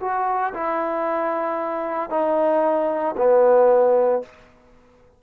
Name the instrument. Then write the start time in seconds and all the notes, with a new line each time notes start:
trombone
0.00 F#4
0.54 E4
2.10 D#4
3.17 B3